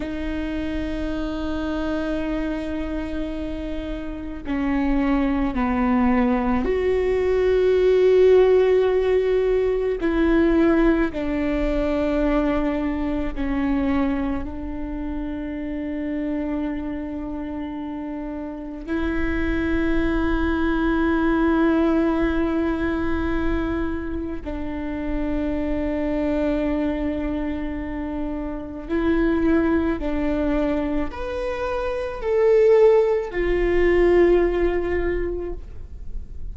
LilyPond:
\new Staff \with { instrumentName = "viola" } { \time 4/4 \tempo 4 = 54 dis'1 | cis'4 b4 fis'2~ | fis'4 e'4 d'2 | cis'4 d'2.~ |
d'4 e'2.~ | e'2 d'2~ | d'2 e'4 d'4 | b'4 a'4 f'2 | }